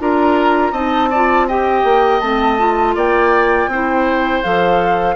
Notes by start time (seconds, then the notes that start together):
0.00 D4 F4 A#4 A#5
0.72 C4 D#4 D#5 A5
1.11 F4 D5
1.48 G4 D#5 G5
1.85 A#3
2.21 A3 C4 A5
2.59 F4
2.96 A#3 D5 G5
3.68 C4 E4 C5
4.43 F3 A4 F5